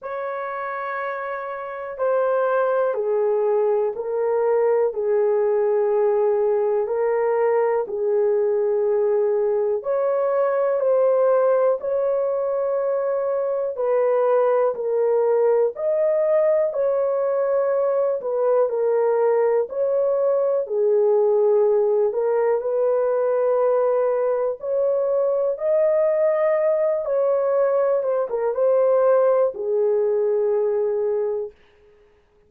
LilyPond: \new Staff \with { instrumentName = "horn" } { \time 4/4 \tempo 4 = 61 cis''2 c''4 gis'4 | ais'4 gis'2 ais'4 | gis'2 cis''4 c''4 | cis''2 b'4 ais'4 |
dis''4 cis''4. b'8 ais'4 | cis''4 gis'4. ais'8 b'4~ | b'4 cis''4 dis''4. cis''8~ | cis''8 c''16 ais'16 c''4 gis'2 | }